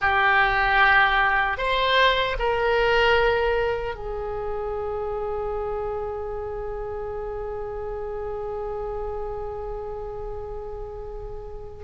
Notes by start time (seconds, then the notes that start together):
0.01 G4
1.57 C5
2.39 A#4
3.95 G#4